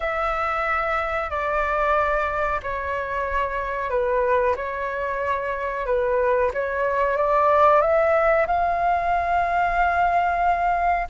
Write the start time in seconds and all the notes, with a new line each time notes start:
0.00 E5
1.30 D5
2.62 C#5
3.90 B4
4.56 C#5
5.85 B4
6.53 C#5
7.17 D5
7.81 E5
8.46 F5